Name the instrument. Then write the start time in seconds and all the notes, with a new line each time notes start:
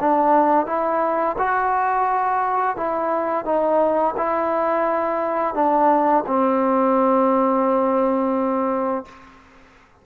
trombone
0.00 D4
0.66 E4
1.38 F#4
2.76 E4
3.45 D#4
4.17 E4
5.54 D4
6.26 C4